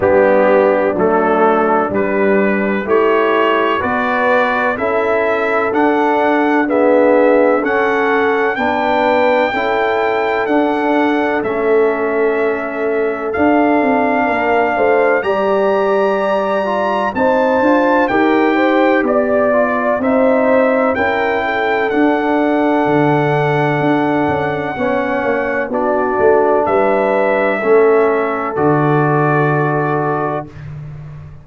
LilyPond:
<<
  \new Staff \with { instrumentName = "trumpet" } { \time 4/4 \tempo 4 = 63 g'4 a'4 b'4 cis''4 | d''4 e''4 fis''4 e''4 | fis''4 g''2 fis''4 | e''2 f''2 |
ais''2 a''4 g''4 | d''4 e''4 g''4 fis''4~ | fis''2. d''4 | e''2 d''2 | }
  \new Staff \with { instrumentName = "horn" } { \time 4/4 d'2. e'4 | b'4 a'2 gis'4 | a'4 b'4 a'2~ | a'2. ais'8 c''8 |
d''2 c''4 ais'8 c''8 | d''4 c''4 ais'8 a'4.~ | a'2 cis''4 fis'4 | b'4 a'2. | }
  \new Staff \with { instrumentName = "trombone" } { \time 4/4 b4 a4 g4 g'4 | fis'4 e'4 d'4 b4 | cis'4 d'4 e'4 d'4 | cis'2 d'2 |
g'4. f'8 dis'8 f'8 g'4~ | g'8 f'8 dis'4 e'4 d'4~ | d'2 cis'4 d'4~ | d'4 cis'4 fis'2 | }
  \new Staff \with { instrumentName = "tuba" } { \time 4/4 g4 fis4 g4 a4 | b4 cis'4 d'2 | cis'4 b4 cis'4 d'4 | a2 d'8 c'8 ais8 a8 |
g2 c'8 d'8 dis'4 | b4 c'4 cis'4 d'4 | d4 d'8 cis'8 b8 ais8 b8 a8 | g4 a4 d2 | }
>>